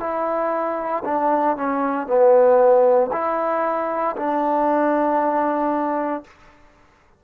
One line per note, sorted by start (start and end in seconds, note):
0.00 1.03 E4
1.04 1.56 D4
1.57 2.07 C#4
2.07 3.10 B3
3.12 4.16 E4
4.17 6.24 D4